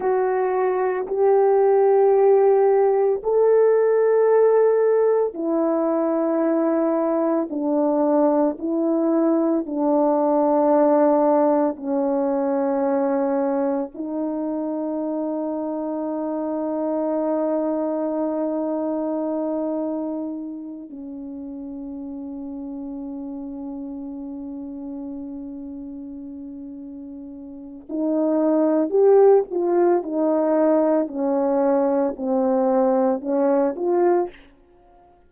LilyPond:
\new Staff \with { instrumentName = "horn" } { \time 4/4 \tempo 4 = 56 fis'4 g'2 a'4~ | a'4 e'2 d'4 | e'4 d'2 cis'4~ | cis'4 dis'2.~ |
dis'2.~ dis'8 cis'8~ | cis'1~ | cis'2 dis'4 g'8 f'8 | dis'4 cis'4 c'4 cis'8 f'8 | }